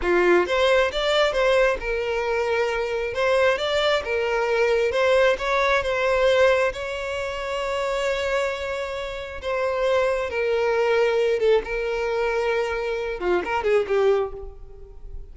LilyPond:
\new Staff \with { instrumentName = "violin" } { \time 4/4 \tempo 4 = 134 f'4 c''4 d''4 c''4 | ais'2. c''4 | d''4 ais'2 c''4 | cis''4 c''2 cis''4~ |
cis''1~ | cis''4 c''2 ais'4~ | ais'4. a'8 ais'2~ | ais'4. f'8 ais'8 gis'8 g'4 | }